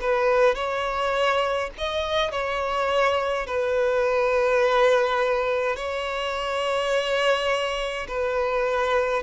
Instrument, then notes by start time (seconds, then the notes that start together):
violin
0.00 B4
0.55 C#5
1.78 D#5
2.31 C#5
3.46 B4
5.76 C#5
8.07 B4